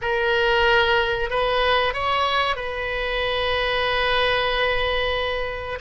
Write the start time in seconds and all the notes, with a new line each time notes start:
0.01 A#4
1.29 B4
1.93 C#5
2.56 B4